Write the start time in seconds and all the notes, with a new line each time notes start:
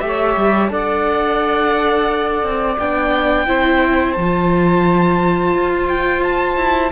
0.00 A3 G4 E5
0.07 C#5
0.37 G3
0.69 D4 A4 D5 F#5
2.43 C4
2.79 B3 D4 G5
3.47 C4 E4 C5
4.13 F3 A5
4.21 F4
5.54 F4
5.89 G5
6.24 A5
6.57 E4